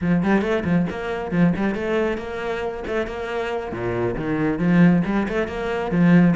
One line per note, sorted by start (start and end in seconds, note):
0.01 0.23 F3
0.23 0.41 G3
0.41 0.63 A3
0.64 0.86 F3
0.90 1.31 A#3
1.31 1.53 F3
1.56 1.74 G3
1.74 2.17 A3
2.17 2.83 A#3
2.87 3.07 A3
3.07 3.71 A#3
3.71 4.15 A#2
4.15 4.58 D#3
4.58 5.02 F3
5.05 5.27 G3
5.28 5.47 A3
5.47 5.91 A#3
5.91 6.34 F3